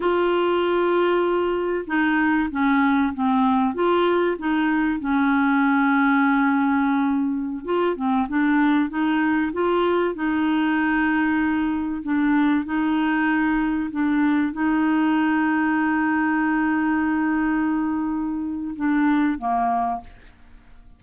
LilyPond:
\new Staff \with { instrumentName = "clarinet" } { \time 4/4 \tempo 4 = 96 f'2. dis'4 | cis'4 c'4 f'4 dis'4 | cis'1~ | cis'16 f'8 c'8 d'4 dis'4 f'8.~ |
f'16 dis'2. d'8.~ | d'16 dis'2 d'4 dis'8.~ | dis'1~ | dis'2 d'4 ais4 | }